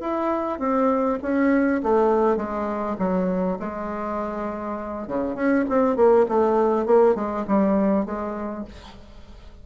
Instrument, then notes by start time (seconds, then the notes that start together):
bassoon
0.00 E4
0.59 C4
1.22 C#4
1.83 A3
2.37 G#3
2.98 F#3
3.59 G#3
5.08 C#3
5.35 C#4
5.69 C4
5.96 A#3
6.29 A3
6.86 A#3
7.15 G#3
7.47 G3
8.05 G#3